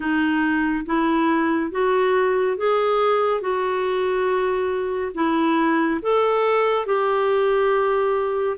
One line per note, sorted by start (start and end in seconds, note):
0.00 0.85 D#4
0.85 1.71 E4
1.71 2.57 F#4
2.57 3.41 G#4
3.41 5.12 F#4
5.14 6.00 E4
6.02 6.86 A4
6.86 8.57 G4